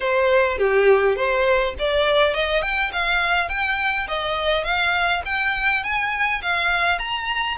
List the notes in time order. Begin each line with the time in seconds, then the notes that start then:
0.00 C5
0.58 G4
1.16 C5
1.78 D5
2.34 D#5
2.62 G5
2.92 F5
3.48 G5
4.08 D#5
4.63 F5
5.25 G5
5.83 G#5
6.42 F5
6.98 A#5